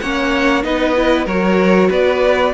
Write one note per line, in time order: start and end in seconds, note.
0.00 0.64 A#3
0.00 0.63 C#4
0.00 0.64 C#5
0.00 0.63 F#5
0.63 1.26 B3
0.63 0.94 D#4
0.63 1.25 B4
0.63 1.27 D#5
0.96 1.27 E4
1.25 1.89 F#3
1.25 2.54 F#4
1.25 1.88 A#4
1.25 1.90 C#5
1.89 2.54 B3
1.89 2.53 B4
1.89 2.54 D5